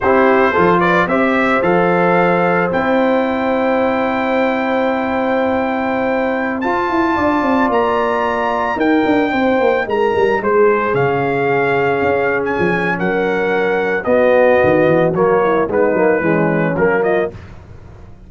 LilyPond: <<
  \new Staff \with { instrumentName = "trumpet" } { \time 4/4 \tempo 4 = 111 c''4. d''8 e''4 f''4~ | f''4 g''2.~ | g''1~ | g''16 a''2 ais''4.~ ais''16~ |
ais''16 g''2 ais''4 c''8.~ | c''16 f''2~ f''8. gis''4 | fis''2 dis''2 | cis''4 b'2 ais'8 dis''8 | }
  \new Staff \with { instrumentName = "horn" } { \time 4/4 g'4 a'8 b'8 c''2~ | c''1~ | c''1~ | c''4~ c''16 d''2~ d''8.~ |
d''16 ais'4 c''4 ais'4 gis'8.~ | gis'1 | ais'2 fis'2~ | fis'8 e'8 dis'4 cis'4. f'8 | }
  \new Staff \with { instrumentName = "trombone" } { \time 4/4 e'4 f'4 g'4 a'4~ | a'4 e'2.~ | e'1~ | e'16 f'2.~ f'8.~ |
f'16 dis'2.~ dis'8.~ | dis'16 cis'2.~ cis'8.~ | cis'2 b2 | ais4 b8 ais8 gis4 ais4 | }
  \new Staff \with { instrumentName = "tuba" } { \time 4/4 c'4 f4 c'4 f4~ | f4 c'2.~ | c'1~ | c'16 f'8 e'8 d'8 c'8 ais4.~ ais16~ |
ais16 dis'8 d'8 c'8 ais8 gis8 g8 gis8.~ | gis16 cis2 cis'4 f8. | fis2 b4 dis8 e8 | fis4 gis8 fis8 e4 fis4 | }
>>